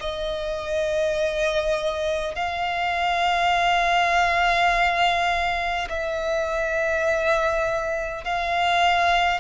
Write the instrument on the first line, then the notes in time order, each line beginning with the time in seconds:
violin
0.00 D#5
2.35 F5
5.89 E5
8.24 F5